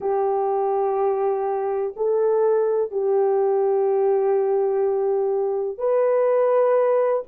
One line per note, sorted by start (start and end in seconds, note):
0.00 1.94 G4
1.96 2.91 A4
2.91 5.78 G4
5.78 7.23 B4